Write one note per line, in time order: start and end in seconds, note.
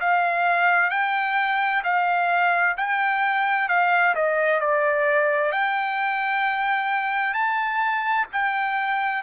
0.00 0.90 F5
0.90 1.83 G5
1.84 2.76 F5
2.77 3.68 G5
3.68 4.15 F5
4.15 4.60 D#5
4.60 5.52 D5
5.52 7.34 G5
7.34 8.26 A5
8.32 9.22 G5